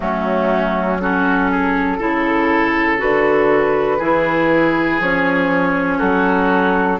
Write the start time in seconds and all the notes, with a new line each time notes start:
0.00 F#3 A3 C#4 F#4
1.00 C#4 F#4 A4
1.51 G#4
1.97 C#3 E4 A4
2.98 D3 F#4 B4
3.98 E3 E4 G#4
4.99 F3 C#4 C#5
5.97 F#3 F#4 A4